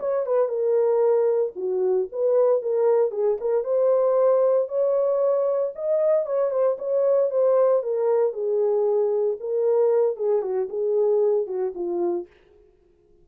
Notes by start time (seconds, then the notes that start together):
0.00 C#5
0.26 B4
0.48 A#4
1.56 F#4
2.12 B4
2.62 A#4
3.12 G#4
3.41 A#4
3.64 C5
4.68 C#5
5.75 D#5
6.26 C#5
6.51 C5
6.78 C#5
7.31 C5
7.83 A#4
8.33 G#4
9.40 A#4
10.17 G#4
10.42 F#4
10.70 G#4
11.47 F#4
11.75 F4